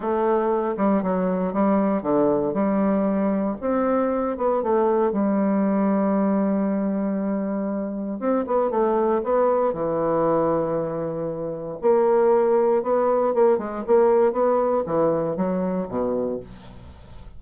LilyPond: \new Staff \with { instrumentName = "bassoon" } { \time 4/4 \tempo 4 = 117 a4. g8 fis4 g4 | d4 g2 c'4~ | c'8 b8 a4 g2~ | g1 |
c'8 b8 a4 b4 e4~ | e2. ais4~ | ais4 b4 ais8 gis8 ais4 | b4 e4 fis4 b,4 | }